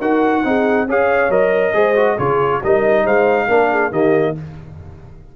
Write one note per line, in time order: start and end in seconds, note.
0.00 0.43 D#4
0.00 0.44 F#4
0.00 0.44 A#4
0.00 0.87 F#5
0.44 0.87 C4
0.44 0.87 D#4
0.44 0.87 G#4
0.87 1.29 C#4
0.87 1.30 G#4
0.87 1.74 C#5
0.87 1.31 F5
1.29 1.72 F#3
1.29 1.73 A#4
1.29 2.18 D#5
1.73 2.17 G#3
1.73 1.95 G#4
1.73 2.18 C5
1.95 2.17 F#4
2.18 2.62 C#3
2.18 2.61 F4
2.18 2.61 G#4
2.18 2.62 C#5
2.63 3.05 G3
2.63 3.48 D#4
2.63 3.04 A#4
2.63 3.06 D#5
3.04 3.47 G#3
3.04 3.47 C5
3.04 3.92 F5
3.47 3.91 A#3
3.47 3.91 D4
3.47 3.70 A#4
3.71 3.91 G#4
3.91 4.34 D#3
3.91 4.35 A#3
3.91 4.35 G4
3.91 4.36 D#5